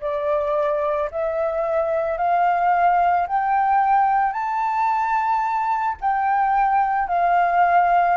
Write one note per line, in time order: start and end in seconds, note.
0.00 1.09 D5
1.11 2.18 E5
2.18 3.27 F5
3.27 4.33 G5
4.33 5.97 A5
6.00 7.08 G5
7.08 8.17 F5